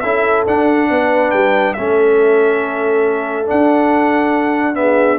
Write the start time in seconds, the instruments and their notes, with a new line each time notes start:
0.00 tuba C#4, trombone E4, horn A4, trumpet E5
0.47 tuba D4, trombone D4, trumpet F#5
0.90 tuba B3, horn B4
1.31 tuba G3, trumpet G5
1.74 tuba A3, trombone C#4, horn A4, trumpet E5
3.46 trombone D4, tuba D4, trumpet F#5
4.74 trombone B3, horn G#4, trumpet E5